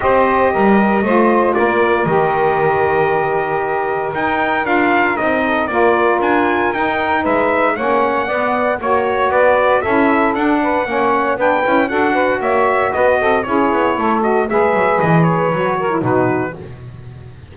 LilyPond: <<
  \new Staff \with { instrumentName = "trumpet" } { \time 4/4 \tempo 4 = 116 dis''2. d''4 | dis''1 | g''4 f''4 dis''4 d''4 | gis''4 g''4 e''4 fis''4~ |
fis''4 cis''4 d''4 e''4 | fis''2 g''4 fis''4 | e''4 dis''4 cis''4. dis''8 | e''4 dis''8 cis''4. b'4 | }
  \new Staff \with { instrumentName = "saxophone" } { \time 4/4 c''4 ais'4 c''4 ais'4~ | ais'1~ | ais'2~ ais'8 a'8 ais'4~ | ais'2 b'4 cis''4 |
d''4 cis''4 b'4 a'4~ | a'8 b'8 cis''4 b'4 a'8 b'8 | cis''4 b'8 a'8 gis'4 a'4 | b'2~ b'8 ais'8 fis'4 | }
  \new Staff \with { instrumentName = "saxophone" } { \time 4/4 g'2 f'2 | g'1 | dis'4 f'4 dis'4 f'4~ | f'4 dis'2 cis'4 |
b4 fis'2 e'4 | d'4 cis'4 d'8 e'8 fis'4~ | fis'2 e'4. fis'8 | gis'2 fis'8. e'16 dis'4 | }
  \new Staff \with { instrumentName = "double bass" } { \time 4/4 c'4 g4 a4 ais4 | dis1 | dis'4 d'4 c'4 ais4 | d'4 dis'4 gis4 ais4 |
b4 ais4 b4 cis'4 | d'4 ais4 b8 cis'8 d'4 | ais4 b8 c'8 cis'8 b8 a4 | gis8 fis8 e4 fis4 b,4 | }
>>